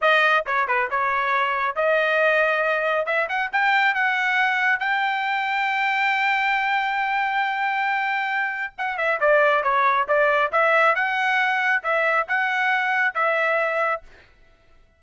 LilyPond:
\new Staff \with { instrumentName = "trumpet" } { \time 4/4 \tempo 4 = 137 dis''4 cis''8 b'8 cis''2 | dis''2. e''8 fis''8 | g''4 fis''2 g''4~ | g''1~ |
g''1 | fis''8 e''8 d''4 cis''4 d''4 | e''4 fis''2 e''4 | fis''2 e''2 | }